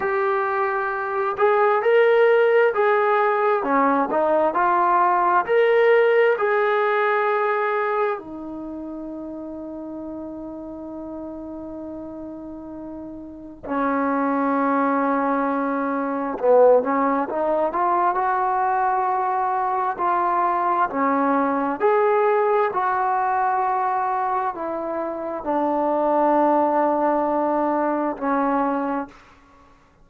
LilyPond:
\new Staff \with { instrumentName = "trombone" } { \time 4/4 \tempo 4 = 66 g'4. gis'8 ais'4 gis'4 | cis'8 dis'8 f'4 ais'4 gis'4~ | gis'4 dis'2.~ | dis'2. cis'4~ |
cis'2 b8 cis'8 dis'8 f'8 | fis'2 f'4 cis'4 | gis'4 fis'2 e'4 | d'2. cis'4 | }